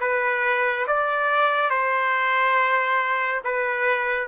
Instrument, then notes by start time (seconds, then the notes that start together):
trumpet
0.00 B4
0.86 D5
1.70 C5
3.44 B4